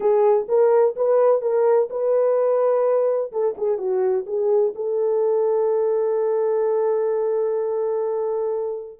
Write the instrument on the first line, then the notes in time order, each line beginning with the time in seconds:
horn
0.00 G#4
0.48 A#4
0.96 B4
1.41 A#4
1.90 B4
3.32 A4
3.57 G#4
3.78 F#4
4.26 G#4
4.75 A4